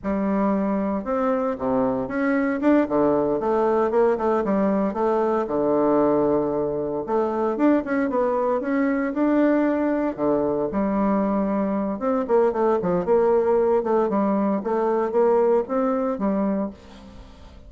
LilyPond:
\new Staff \with { instrumentName = "bassoon" } { \time 4/4 \tempo 4 = 115 g2 c'4 c4 | cis'4 d'8 d4 a4 ais8 | a8 g4 a4 d4.~ | d4. a4 d'8 cis'8 b8~ |
b8 cis'4 d'2 d8~ | d8 g2~ g8 c'8 ais8 | a8 f8 ais4. a8 g4 | a4 ais4 c'4 g4 | }